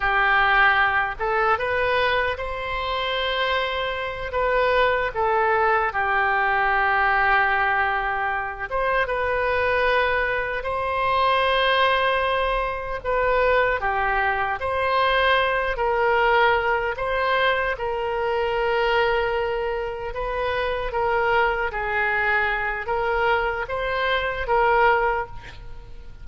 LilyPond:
\new Staff \with { instrumentName = "oboe" } { \time 4/4 \tempo 4 = 76 g'4. a'8 b'4 c''4~ | c''4. b'4 a'4 g'8~ | g'2. c''8 b'8~ | b'4. c''2~ c''8~ |
c''8 b'4 g'4 c''4. | ais'4. c''4 ais'4.~ | ais'4. b'4 ais'4 gis'8~ | gis'4 ais'4 c''4 ais'4 | }